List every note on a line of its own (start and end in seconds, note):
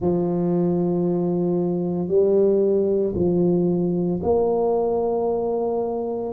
0.00 2.08 F3
2.08 3.13 G3
3.15 4.20 F3
4.22 6.33 A#3